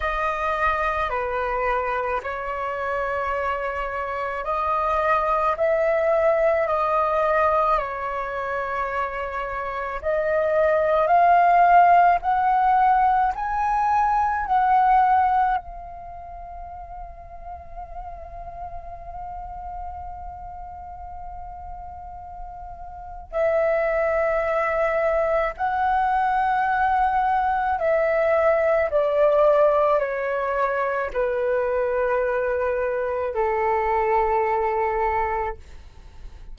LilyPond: \new Staff \with { instrumentName = "flute" } { \time 4/4 \tempo 4 = 54 dis''4 b'4 cis''2 | dis''4 e''4 dis''4 cis''4~ | cis''4 dis''4 f''4 fis''4 | gis''4 fis''4 f''2~ |
f''1~ | f''4 e''2 fis''4~ | fis''4 e''4 d''4 cis''4 | b'2 a'2 | }